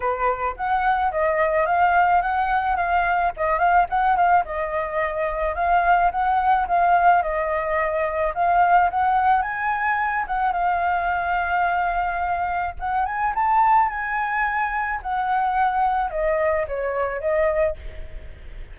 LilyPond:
\new Staff \with { instrumentName = "flute" } { \time 4/4 \tempo 4 = 108 b'4 fis''4 dis''4 f''4 | fis''4 f''4 dis''8 f''8 fis''8 f''8 | dis''2 f''4 fis''4 | f''4 dis''2 f''4 |
fis''4 gis''4. fis''8 f''4~ | f''2. fis''8 gis''8 | a''4 gis''2 fis''4~ | fis''4 dis''4 cis''4 dis''4 | }